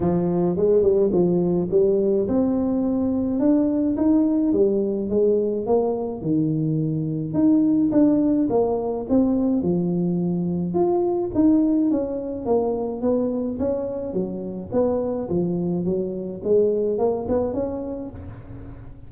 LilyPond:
\new Staff \with { instrumentName = "tuba" } { \time 4/4 \tempo 4 = 106 f4 gis8 g8 f4 g4 | c'2 d'4 dis'4 | g4 gis4 ais4 dis4~ | dis4 dis'4 d'4 ais4 |
c'4 f2 f'4 | dis'4 cis'4 ais4 b4 | cis'4 fis4 b4 f4 | fis4 gis4 ais8 b8 cis'4 | }